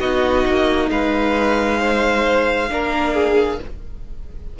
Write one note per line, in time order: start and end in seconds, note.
0.00 0.45 B3
0.00 2.70 D#4
0.00 0.90 F#4
0.00 0.90 D#5
0.46 0.91 A#3
0.91 2.70 G#3
0.91 1.80 B4
0.91 3.60 F5
1.80 2.70 C5
2.70 3.60 A#3
2.70 3.59 D4
2.70 3.14 A#4
3.14 3.59 G#4